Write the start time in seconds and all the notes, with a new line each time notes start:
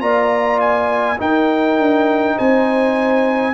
0.00 A#3 F4 D5 A#5
0.61 G#5
1.19 D#4 A#4 G5
1.79 D4
2.37 C4 C5 G#5